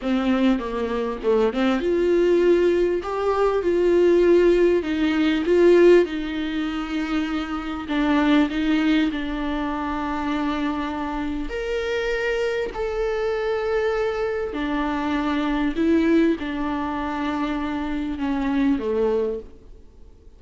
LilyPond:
\new Staff \with { instrumentName = "viola" } { \time 4/4 \tempo 4 = 99 c'4 ais4 a8 c'8 f'4~ | f'4 g'4 f'2 | dis'4 f'4 dis'2~ | dis'4 d'4 dis'4 d'4~ |
d'2. ais'4~ | ais'4 a'2. | d'2 e'4 d'4~ | d'2 cis'4 a4 | }